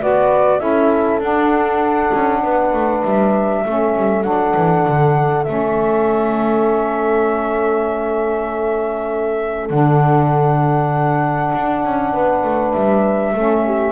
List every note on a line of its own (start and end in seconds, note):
0.00 0.61 B3
0.00 0.59 F#4
0.00 0.60 B4
0.00 0.60 D5
0.59 1.20 C#4
0.59 1.20 E4
0.59 2.42 A4
0.59 1.20 E5
1.20 2.11 D4
1.20 3.65 D4
1.20 3.04 F#5
2.14 2.44 C#4
2.43 2.73 B3
2.43 3.64 B4
2.73 3.03 A3
3.04 3.65 G3
3.04 4.23 E5
3.66 3.96 A3
3.66 4.24 C#4
3.66 12.12 A4
3.97 4.24 G3
4.23 4.55 F#3
4.23 5.45 D4
4.23 5.44 F#5
4.57 4.87 E3
4.87 5.48 D3
5.44 9.70 A3
5.44 9.70 C#4
5.44 9.68 E5
9.70 11.52 D3
9.70 13.34 D4
9.70 12.73 F#5
11.55 11.85 D4
11.85 12.14 C#4
12.12 12.44 B3
12.12 13.33 B4
12.44 12.74 A3
12.73 13.33 G3
12.73 13.92 E5
13.33 13.92 A3
13.33 13.92 C#4
13.33 13.64 A4
13.66 13.92 G4